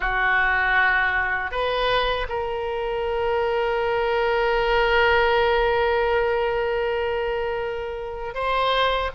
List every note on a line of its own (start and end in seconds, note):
0.00 1.51 F#4
1.51 2.26 B4
2.28 8.34 A#4
8.34 9.10 C5